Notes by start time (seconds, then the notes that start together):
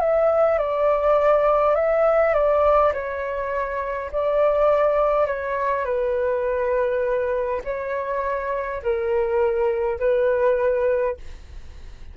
0.00 E5
0.59 D5
1.75 E5
2.34 D5
2.94 C#5
4.12 D5
5.27 C#5
5.86 B4
7.65 C#5
8.83 A#4
10.00 B4